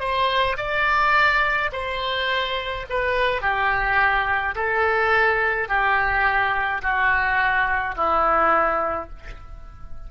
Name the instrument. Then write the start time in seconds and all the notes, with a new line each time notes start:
oboe
0.00 C5
0.57 D5
1.72 C5
2.90 B4
3.42 G4
4.55 A4
5.69 G4
6.82 F#4
7.96 E4